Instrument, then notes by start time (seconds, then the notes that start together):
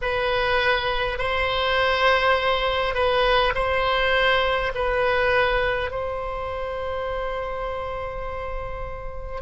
oboe
0.01 B4
1.18 C5
2.94 B4
3.55 C5
4.74 B4
5.90 C5